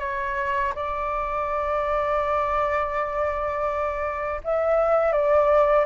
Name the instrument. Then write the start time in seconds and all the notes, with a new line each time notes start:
flute
0.00 C#5
0.75 D5
4.44 E5
5.13 D5